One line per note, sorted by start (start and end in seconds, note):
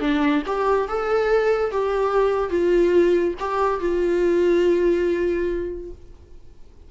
0.00 0.42 D4
0.46 0.88 G4
0.88 1.71 A4
1.71 2.50 G4
2.50 3.34 F4
3.39 3.80 G4
3.80 5.91 F4